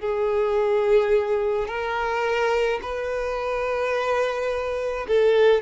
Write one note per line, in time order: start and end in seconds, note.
0.00 1.67 G#4
1.67 2.79 A#4
2.82 5.06 B4
5.07 5.62 A4